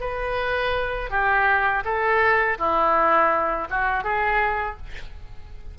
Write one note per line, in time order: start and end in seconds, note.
0.00 1.10 B4
1.10 1.83 G4
1.85 2.58 A4
2.58 3.68 E4
3.70 4.03 F#4
4.03 4.77 G#4